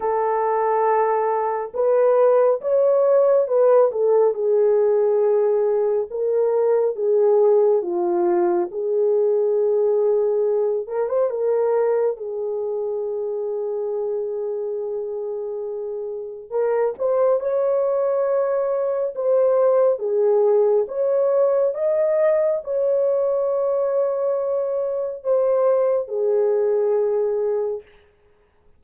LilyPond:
\new Staff \with { instrumentName = "horn" } { \time 4/4 \tempo 4 = 69 a'2 b'4 cis''4 | b'8 a'8 gis'2 ais'4 | gis'4 f'4 gis'2~ | gis'8 ais'16 c''16 ais'4 gis'2~ |
gis'2. ais'8 c''8 | cis''2 c''4 gis'4 | cis''4 dis''4 cis''2~ | cis''4 c''4 gis'2 | }